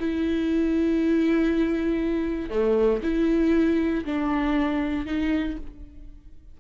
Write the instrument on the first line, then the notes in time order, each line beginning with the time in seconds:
viola
0.00 E4
2.50 A3
3.03 E4
4.05 D4
5.06 D#4